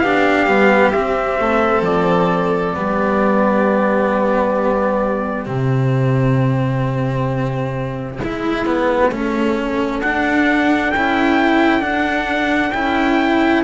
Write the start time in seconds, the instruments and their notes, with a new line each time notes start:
0.00 double bass B3, cello D4, violin G4, trumpet F5
0.46 double bass G3, cello B3
0.91 double bass C4, cello C4, trumpet E5
1.39 double bass A3, violin A4
1.82 double bass F3, trumpet D5
2.75 double bass G3, cello B3, violin G4
5.46 double bass C3, cello C4, trumpet E5
8.19 double bass G#3, violin E4, cello E4
8.66 cello B3
9.11 double bass A3, cello C#4, violin A4
10.02 double bass D4, cello D4, trumpet F#5
10.92 double bass C#4, cello E4, trumpet G5
11.81 cello D4, double bass D4, trumpet F#5
12.72 double bass C#4, cello E4, trumpet G5